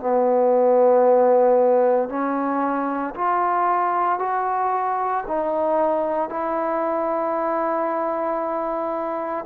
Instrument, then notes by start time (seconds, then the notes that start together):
trombone
0.00 B3
2.09 C#4
3.15 F4
4.19 F#4
5.28 D#4
6.30 E4